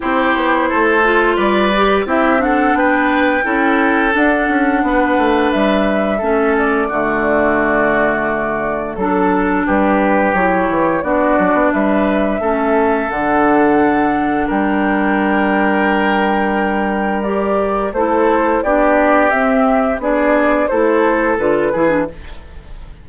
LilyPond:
<<
  \new Staff \with { instrumentName = "flute" } { \time 4/4 \tempo 4 = 87 c''2 d''4 e''8 fis''8 | g''2 fis''2 | e''4. d''2~ d''8~ | d''4 a'4 b'4 cis''4 |
d''4 e''2 fis''4~ | fis''4 g''2.~ | g''4 d''4 c''4 d''4 | e''4 d''4 c''4 b'4 | }
  \new Staff \with { instrumentName = "oboe" } { \time 4/4 g'4 a'4 b'4 g'8 a'8 | b'4 a'2 b'4~ | b'4 a'4 fis'2~ | fis'4 a'4 g'2 |
fis'4 b'4 a'2~ | a'4 ais'2.~ | ais'2 a'4 g'4~ | g'4 gis'4 a'4. gis'8 | }
  \new Staff \with { instrumentName = "clarinet" } { \time 4/4 e'4. f'4 g'8 e'8 d'8~ | d'4 e'4 d'2~ | d'4 cis'4 a2~ | a4 d'2 e'4 |
d'2 cis'4 d'4~ | d'1~ | d'4 g'4 e'4 d'4 | c'4 d'4 e'4 f'8 e'16 d'16 | }
  \new Staff \with { instrumentName = "bassoon" } { \time 4/4 c'8 b8 a4 g4 c'4 | b4 cis'4 d'8 cis'8 b8 a8 | g4 a4 d2~ | d4 fis4 g4 fis8 e8 |
b8 fis16 b16 g4 a4 d4~ | d4 g2.~ | g2 a4 b4 | c'4 b4 a4 d8 e8 | }
>>